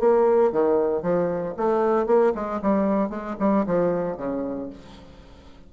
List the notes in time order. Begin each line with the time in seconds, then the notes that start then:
0.00 A#3
0.52 D#3
1.03 F3
1.57 A3
2.07 A#3
2.35 G#3
2.62 G3
3.10 G#3
3.40 G3
3.67 F3
4.18 C#3